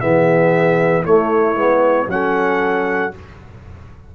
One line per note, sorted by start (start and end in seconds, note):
0.00 1.05 E3
0.00 1.03 B3
0.00 1.04 G#4
0.00 1.03 E5
1.04 1.56 A3
1.04 1.55 A3
1.04 2.07 E4
1.04 2.09 C#5
1.55 2.06 G#3
1.55 2.07 B3
2.07 3.11 F#3
2.07 3.11 C#4
2.07 3.15 A4
2.07 3.13 F#5